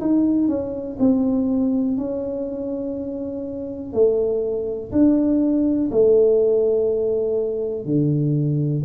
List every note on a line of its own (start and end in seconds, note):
0.00 0.48 D#4
0.48 0.97 C#4
0.99 1.97 C4
1.97 3.93 C#4
3.93 4.91 A3
4.91 5.90 D4
5.91 7.84 A3
7.84 8.83 D3